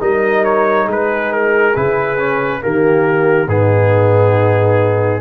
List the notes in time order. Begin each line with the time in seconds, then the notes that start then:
0.00 G3 D#4 A#4 D#5
0.45 C#5
0.85 G#3 G#4
0.92 B4
1.33 A#4
1.76 C#3 E4 B4
2.18 C#4
2.61 D#3 A#3 G4 A#4
3.47 G#2 B3 D#4 G#4